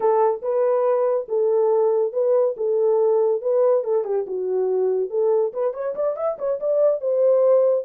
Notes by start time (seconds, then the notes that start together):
0.00 A4
0.42 B4
1.28 A4
2.12 B4
2.56 A4
3.41 B4
3.84 A4
4.04 G4
4.27 F#4
5.10 A4
5.53 B4
5.73 C#5
5.95 D5
6.16 E5
6.38 C#5
6.60 D5
7.00 C5